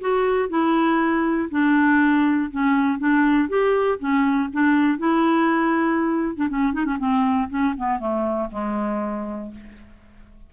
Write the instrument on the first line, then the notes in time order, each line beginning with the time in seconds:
clarinet
0.00 F#4
0.49 E4
1.50 D4
2.51 C#4
2.98 D4
3.48 G4
3.99 C#4
4.52 D4
4.98 E4
6.35 D4
6.49 C#4
6.73 D#4
6.85 C#4
6.98 C4
7.49 C#4
7.77 B3
7.99 A3
8.51 G#3